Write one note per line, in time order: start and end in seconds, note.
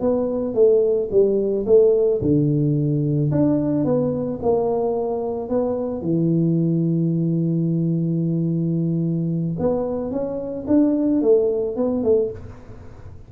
0.00 0.54 B3
0.54 1.09 A3
1.11 1.65 G3
1.66 2.21 A3
2.21 3.30 D3
3.31 3.85 D4
3.85 4.39 B3
4.42 5.49 A#3
5.49 6.01 B3
6.01 9.56 E3
9.59 10.11 B3
10.11 10.66 C#4
10.67 11.21 D4
11.21 11.76 A3
11.76 12.03 B3
12.03 12.30 A3